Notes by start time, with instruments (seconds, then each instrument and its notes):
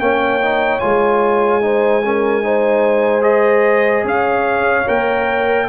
0.00 tuba A#3, trombone C#4, horn C#5, trumpet G5
0.42 trombone D#4
0.79 tuba G#3, trombone F4, trumpet G#5
1.62 trombone D#4, horn C5
2.05 trombone C#4, horn A#4
2.43 trombone D#4, horn C5
3.21 trombone G#4, trumpet D#5
4.04 tuba C#4, horn C#5, trumpet F5
4.87 tuba A#3, trombone A#4, trumpet G5